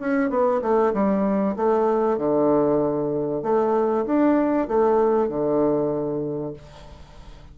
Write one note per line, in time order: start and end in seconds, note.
0.00 0.30 C#4
0.30 0.61 B3
0.62 0.93 A3
0.94 1.56 G3
1.57 2.18 A3
2.18 3.43 D3
3.43 4.06 A3
4.06 4.68 D4
4.68 5.29 A3
5.29 6.54 D3